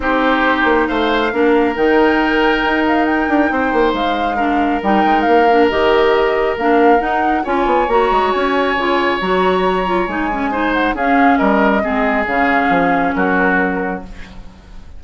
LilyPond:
<<
  \new Staff \with { instrumentName = "flute" } { \time 4/4 \tempo 4 = 137 c''2 f''2 | g''2~ g''8 f''8 g''4~ | g''4 f''2 g''4 | f''4 dis''2 f''4 |
fis''4 gis''4 ais''4 gis''4~ | gis''4 ais''2 gis''4~ | gis''8 fis''8 f''4 dis''2 | f''2 ais'2 | }
  \new Staff \with { instrumentName = "oboe" } { \time 4/4 g'2 c''4 ais'4~ | ais'1 | c''2 ais'2~ | ais'1~ |
ais'4 cis''2.~ | cis''1 | c''4 gis'4 ais'4 gis'4~ | gis'2 fis'2 | }
  \new Staff \with { instrumentName = "clarinet" } { \time 4/4 dis'2. d'4 | dis'1~ | dis'2 d'4 dis'4~ | dis'8 d'8 g'2 d'4 |
dis'4 f'4 fis'2 | f'4 fis'4. f'8 dis'8 cis'8 | dis'4 cis'2 c'4 | cis'1 | }
  \new Staff \with { instrumentName = "bassoon" } { \time 4/4 c'4. ais8 a4 ais4 | dis2 dis'4. d'8 | c'8 ais8 gis2 g8 gis8 | ais4 dis2 ais4 |
dis'4 cis'8 b8 ais8 gis8 cis'4 | cis4 fis2 gis4~ | gis4 cis'4 g4 gis4 | cis4 f4 fis2 | }
>>